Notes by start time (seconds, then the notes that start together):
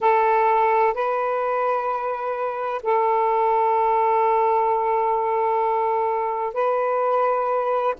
0.00 A4
0.94 B4
2.83 A4
6.53 B4